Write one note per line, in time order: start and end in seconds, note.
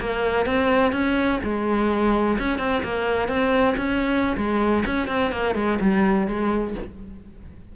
0.00 0.45 A#3
0.45 0.92 C4
0.92 1.39 C#4
1.43 2.38 G#3
2.38 2.58 C#4
2.58 2.82 C4
2.83 3.28 A#3
3.28 3.75 C4
3.77 4.36 C#4
4.37 4.84 G#3
4.85 5.07 C#4
5.07 5.31 C4
5.31 5.54 A#3
5.54 5.78 G#3
5.80 6.27 G3
6.27 6.74 G#3